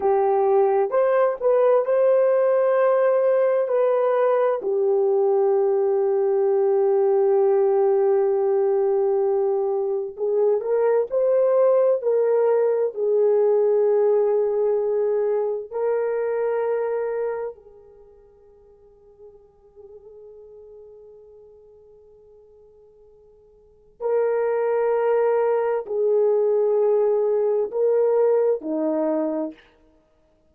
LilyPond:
\new Staff \with { instrumentName = "horn" } { \time 4/4 \tempo 4 = 65 g'4 c''8 b'8 c''2 | b'4 g'2.~ | g'2. gis'8 ais'8 | c''4 ais'4 gis'2~ |
gis'4 ais'2 gis'4~ | gis'1~ | gis'2 ais'2 | gis'2 ais'4 dis'4 | }